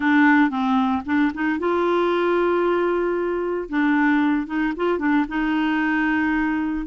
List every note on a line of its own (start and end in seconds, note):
0.00 0.50 D4
0.50 1.02 C4
1.05 1.32 D4
1.33 1.59 D#4
1.59 3.69 F4
3.69 4.46 D4
4.46 4.73 D#4
4.76 4.99 F4
4.99 5.25 D4
5.28 6.86 D#4